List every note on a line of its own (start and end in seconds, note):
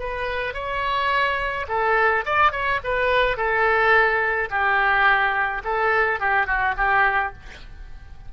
0.00 0.55 B4
0.55 1.67 C#5
1.69 2.25 A4
2.26 2.52 D5
2.52 2.80 C#5
2.84 3.37 B4
3.37 4.49 A4
4.50 5.63 G4
5.65 6.20 A4
6.20 6.47 G4
6.47 6.75 F#4
6.77 7.34 G4